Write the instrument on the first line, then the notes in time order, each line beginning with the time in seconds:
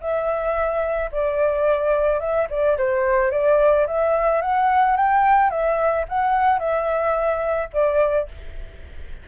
flute
0.00 E5
1.12 D5
2.20 E5
2.49 D5
2.77 C5
3.31 D5
3.87 E5
4.41 F#5
4.96 G5
5.50 E5
6.08 F#5
6.59 E5
7.73 D5